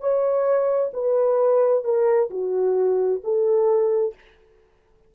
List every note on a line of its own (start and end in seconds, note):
0.00 0.91 C#5
0.93 1.84 B4
1.84 2.29 A#4
2.30 3.21 F#4
3.23 4.14 A4